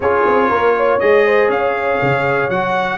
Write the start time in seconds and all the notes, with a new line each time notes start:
0.00 C#4 F4 G#4 C#5
0.27 C4
0.49 A#3 A#4
0.76 C#5
0.99 G#3 G#4 D#5
1.26 C5
1.48 C#4 C#5 F5
2.02 C#3
2.49 F#3 F#4 F#5